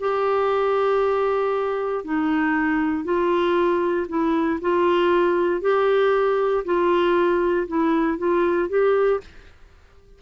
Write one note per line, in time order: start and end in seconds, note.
0.00 2.05 G4
2.05 3.05 D#4
3.05 4.07 F4
4.09 4.60 E4
4.62 5.62 F4
5.62 6.64 G4
6.65 7.68 F4
7.68 8.18 E4
8.18 8.69 F4
8.69 9.21 G4